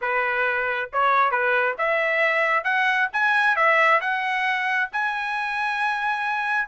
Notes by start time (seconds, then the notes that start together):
0.01 B4
0.92 C#5
1.31 B4
1.77 E5
2.64 F#5
3.13 G#5
3.56 E5
4.00 F#5
4.92 G#5